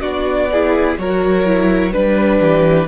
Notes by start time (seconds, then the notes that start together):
0.00 B3 D4 F#4 D5
0.51 E4 G#4
0.98 F#3 F#4 A#4 C#5
1.45 E4
1.91 G3 D4 B4
2.40 E3 G4